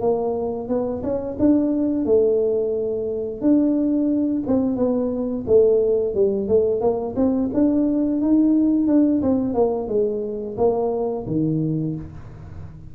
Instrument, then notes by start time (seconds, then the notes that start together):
tuba
0.00 A#3
0.68 B3
1.03 C#4
1.39 D4
2.05 A3
3.41 D4
4.46 C4
4.76 B3
5.46 A3
6.14 G3
6.47 A3
6.81 A#3
7.15 C4
7.53 D4
8.21 D#4
8.87 D4
9.22 C4
9.53 A#3
9.87 G#3
10.57 A#3
11.27 D#3